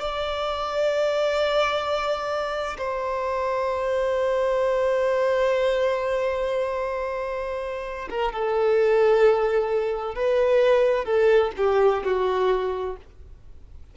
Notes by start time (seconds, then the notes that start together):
0.00 D5
2.78 C5
8.10 A#4
8.32 A4
10.15 B4
11.05 A4
11.57 G4
12.04 F#4